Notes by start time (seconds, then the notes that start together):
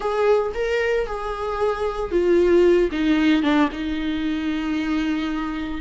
0.00 G#4
0.54 A#4
1.06 G#4
2.11 F4
2.91 D#4
3.42 D4
3.72 D#4